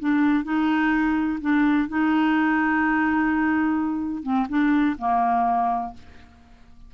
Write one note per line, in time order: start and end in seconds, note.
0.00 0.45 D4
0.45 1.40 D#4
1.41 1.89 D4
1.89 4.23 D#4
4.23 4.47 C4
4.49 4.97 D4
4.99 5.94 A#3